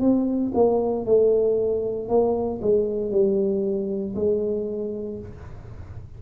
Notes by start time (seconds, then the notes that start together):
0.00 C4
0.54 A#3
1.05 A3
2.08 A#3
2.61 G#3
3.11 G3
4.15 G#3